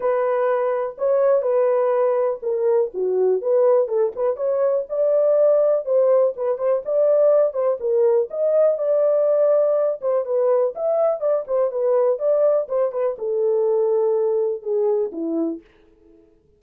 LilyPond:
\new Staff \with { instrumentName = "horn" } { \time 4/4 \tempo 4 = 123 b'2 cis''4 b'4~ | b'4 ais'4 fis'4 b'4 | a'8 b'8 cis''4 d''2 | c''4 b'8 c''8 d''4. c''8 |
ais'4 dis''4 d''2~ | d''8 c''8 b'4 e''4 d''8 c''8 | b'4 d''4 c''8 b'8 a'4~ | a'2 gis'4 e'4 | }